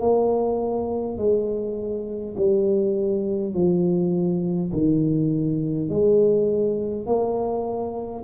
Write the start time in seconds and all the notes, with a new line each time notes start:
0.00 A#3
1.18 G#3
2.37 G3
3.54 F3
4.72 D#3
5.89 G#3
7.06 A#3